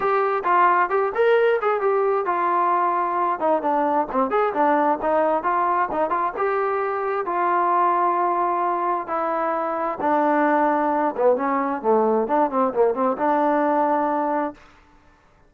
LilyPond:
\new Staff \with { instrumentName = "trombone" } { \time 4/4 \tempo 4 = 132 g'4 f'4 g'8 ais'4 gis'8 | g'4 f'2~ f'8 dis'8 | d'4 c'8 gis'8 d'4 dis'4 | f'4 dis'8 f'8 g'2 |
f'1 | e'2 d'2~ | d'8 b8 cis'4 a4 d'8 c'8 | ais8 c'8 d'2. | }